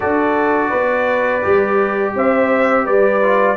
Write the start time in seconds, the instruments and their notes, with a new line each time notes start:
0.00 tuba D4, trombone F#4, horn A4, trumpet D5
0.69 tuba B3, horn B4
1.42 tuba G3, trombone G4
2.15 tuba C4, horn C5, trumpet E5
2.84 tuba G3, horn B4, trumpet D5
3.22 trombone F4